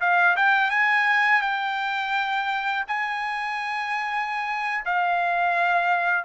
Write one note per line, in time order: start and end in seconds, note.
0.00 0.36 F5
0.36 0.70 G5
0.70 1.42 G#5
1.42 2.84 G5
2.88 4.84 G#5
4.85 6.24 F5